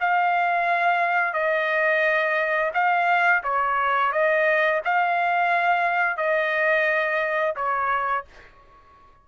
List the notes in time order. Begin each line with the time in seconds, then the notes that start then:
0.00 F5
1.33 D#5
2.73 F5
3.43 C#5
4.12 D#5
4.85 F5
6.17 D#5
7.55 C#5